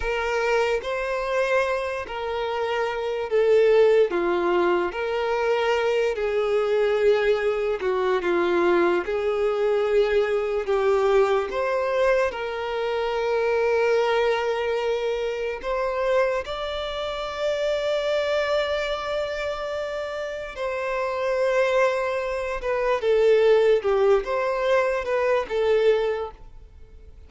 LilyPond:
\new Staff \with { instrumentName = "violin" } { \time 4/4 \tempo 4 = 73 ais'4 c''4. ais'4. | a'4 f'4 ais'4. gis'8~ | gis'4. fis'8 f'4 gis'4~ | gis'4 g'4 c''4 ais'4~ |
ais'2. c''4 | d''1~ | d''4 c''2~ c''8 b'8 | a'4 g'8 c''4 b'8 a'4 | }